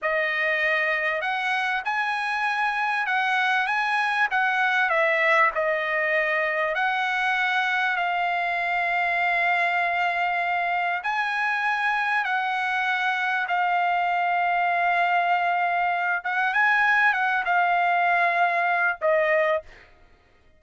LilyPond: \new Staff \with { instrumentName = "trumpet" } { \time 4/4 \tempo 4 = 98 dis''2 fis''4 gis''4~ | gis''4 fis''4 gis''4 fis''4 | e''4 dis''2 fis''4~ | fis''4 f''2.~ |
f''2 gis''2 | fis''2 f''2~ | f''2~ f''8 fis''8 gis''4 | fis''8 f''2~ f''8 dis''4 | }